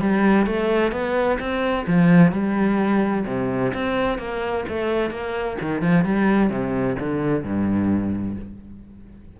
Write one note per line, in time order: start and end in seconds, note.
0.00 0.46 G3
0.46 0.91 A3
0.91 1.38 B3
1.39 1.86 C4
1.86 2.32 F3
2.32 3.25 G3
3.26 3.73 C3
3.73 4.18 C4
4.18 4.64 A#3
4.68 5.10 A3
5.10 5.57 A#3
5.61 5.81 D#3
5.81 6.04 F3
6.04 6.49 G3
6.49 6.96 C3
6.99 7.43 D3
7.43 8.36 G2